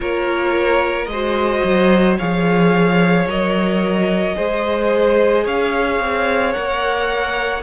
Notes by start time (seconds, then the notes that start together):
0.00 A#3 F4 A#4 C#5
1.05 G#3 D#5
1.11 F#4 C5
1.63 F#3
2.17 F3 G#4 C#5 F5
3.26 F#3 A#4 D#5
4.35 G#3 G#4 C5
5.44 C#4 C#5 F5
5.99 C4
6.52 A#3 A#4 F#5